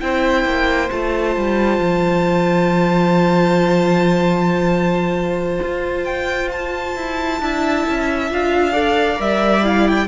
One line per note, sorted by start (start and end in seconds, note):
0.00 0.44 C4
0.00 0.90 E4
0.00 7.41 C5
0.00 0.90 G5
0.44 0.89 A#3
0.91 1.36 A3
0.91 7.40 F4
0.91 6.04 A5
1.36 1.79 G3
1.79 5.59 F3
5.62 6.96 F4
6.04 6.49 G5
6.51 8.31 A5
6.96 7.40 E4
7.40 7.85 D4
7.40 8.31 E4
7.40 8.73 E5
7.89 8.30 C#4
8.30 9.19 D4
8.30 8.73 F4
8.30 9.21 F5
8.73 9.16 A4
8.73 10.07 D5
9.16 10.07 G3
9.16 9.61 A#4
9.16 9.65 E5
9.63 10.07 E4
9.63 9.87 F5
9.87 10.07 G5